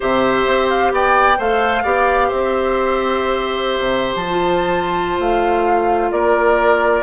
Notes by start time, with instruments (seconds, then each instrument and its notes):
0.00 bassoon C3, clarinet G4, oboe C5, flute E5
0.46 bassoon C4
0.69 flute F5
0.91 bassoon B3, oboe D5, flute G5
1.38 bassoon A3, clarinet A4, oboe C5, flute F5
1.83 bassoon B3, clarinet G4, oboe D5
2.28 bassoon C4, oboe C5, flute E5
3.79 bassoon C3
4.15 bassoon F3, flute A5
4.29 clarinet F4
5.19 bassoon A3, flute F5
6.11 bassoon A#3, oboe A#4, flute D5